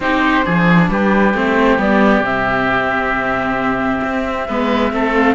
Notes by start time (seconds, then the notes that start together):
0.00 C4 D#4 G4 C5
0.43 F3 D4 G#4
0.89 G3 G4 B4
1.34 A3 C4 C5
1.78 G3 B3 D5
2.20 C3 C4 E5
4.04 C4
4.47 G#3 B3 B4
4.91 A3 C4 A4
5.14 F5